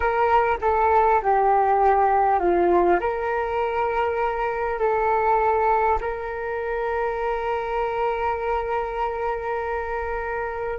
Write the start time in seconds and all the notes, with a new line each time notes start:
0.00 A#4
0.61 A4
1.22 G4
2.39 F4
3.00 A#4
4.79 A4
6.00 A#4